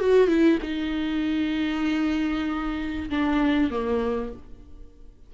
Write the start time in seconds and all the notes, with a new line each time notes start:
0.00 F#4
0.28 E4
0.62 D#4
3.10 D4
3.71 A#3